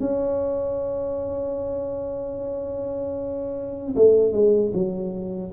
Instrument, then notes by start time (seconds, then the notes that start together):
tuba
0.00 C#4
3.95 A3
4.32 G#3
4.74 F#3